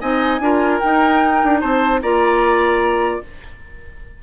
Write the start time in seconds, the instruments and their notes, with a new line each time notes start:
0.00 bassoon C4, clarinet D#4, oboe D#5, flute G#5
0.39 bassoon D4, clarinet F4, oboe A#4
0.79 clarinet D#4, bassoon D#4, flute G5
1.43 bassoon D4
1.60 bassoon C4, oboe C5, flute A5
2.02 bassoon A#3, clarinet F4, oboe D5, flute A#5